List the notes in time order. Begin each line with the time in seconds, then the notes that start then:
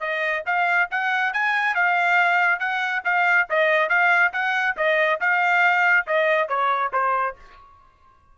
0.00 D#5
0.46 F5
0.91 F#5
1.33 G#5
1.75 F5
2.60 F#5
3.05 F5
3.50 D#5
3.89 F5
4.33 F#5
4.77 D#5
5.20 F5
6.07 D#5
6.49 C#5
6.93 C5